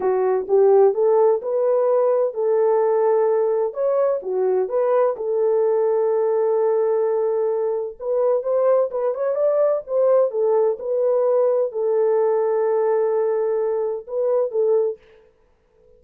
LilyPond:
\new Staff \with { instrumentName = "horn" } { \time 4/4 \tempo 4 = 128 fis'4 g'4 a'4 b'4~ | b'4 a'2. | cis''4 fis'4 b'4 a'4~ | a'1~ |
a'4 b'4 c''4 b'8 cis''8 | d''4 c''4 a'4 b'4~ | b'4 a'2.~ | a'2 b'4 a'4 | }